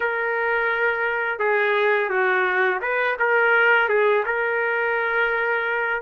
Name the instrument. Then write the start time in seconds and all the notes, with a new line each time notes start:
trumpet
0.00 A#4
1.39 G#4
2.09 F#4
2.81 B4
3.19 A#4
3.88 G#4
4.25 A#4